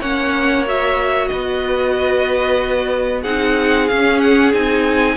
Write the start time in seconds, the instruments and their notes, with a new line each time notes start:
0.00 cello A#3, viola C#4, violin C#5 F#5
0.66 viola F#4, violin E5
1.28 cello B3, violin B4 D#5
3.22 cello C4, viola D#4, violin G#4 F#5
3.88 viola C#4, cello C#4, violin F5
4.20 violin F#5
4.53 cello C4, viola D#4, violin G#5